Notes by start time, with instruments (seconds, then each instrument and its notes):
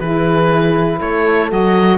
0.00 cello E3, saxophone E4, horn G#4, oboe B4
0.99 cello A3, horn A4, oboe C#5
1.50 cello F#3, saxophone F#4, oboe D#5